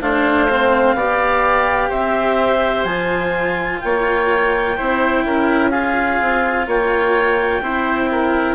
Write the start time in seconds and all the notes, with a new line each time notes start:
0.00 A3 D4 C5 F5
0.50 C4
0.94 B3 G4 D5
1.89 C4 C5 E5
2.84 F3 F4 G#5
3.80 A#3 C#5 G5
4.77 C4 E4 C5
5.24 C#4 A#4
5.70 F4 G#4 F5
6.21 C4
6.67 A#3 C#5 G5
7.61 C4 E4 C5
8.11 A#4